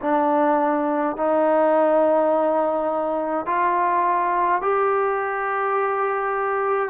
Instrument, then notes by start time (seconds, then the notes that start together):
trombone
0.01 D4
1.16 D#4
3.46 F4
4.62 G4